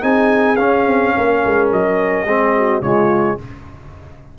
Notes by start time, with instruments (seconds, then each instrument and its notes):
0.00 tuba C4, trombone D#4, horn G#4, trumpet G#5
0.56 trombone C#4, tuba C#4, trumpet F5
0.86 tuba C4
1.15 tuba A#3, horn A#4
1.45 tuba G#3
1.72 tuba F#3, trumpet D#5
2.25 tuba G#3, trombone C4, horn G#4
2.57 horn F#4
2.81 tuba C#3, trombone G#3, horn F4, trumpet C#5